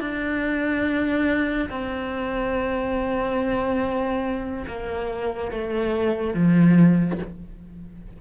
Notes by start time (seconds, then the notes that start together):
0.00 D4
1.70 C4
4.67 A#3
5.51 A3
6.34 F3